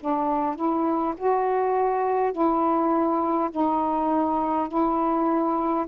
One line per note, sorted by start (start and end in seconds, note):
0.00 0.56 D4
0.56 1.14 E4
1.17 2.32 F#4
2.32 3.50 E4
3.50 4.68 D#4
4.68 5.86 E4